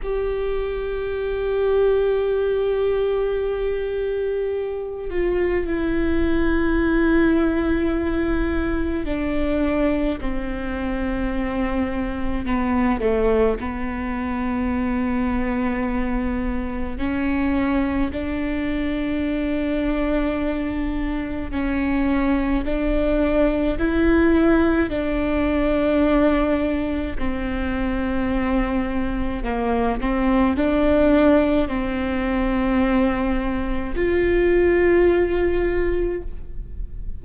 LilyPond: \new Staff \with { instrumentName = "viola" } { \time 4/4 \tempo 4 = 53 g'1~ | g'8 f'8 e'2. | d'4 c'2 b8 a8 | b2. cis'4 |
d'2. cis'4 | d'4 e'4 d'2 | c'2 ais8 c'8 d'4 | c'2 f'2 | }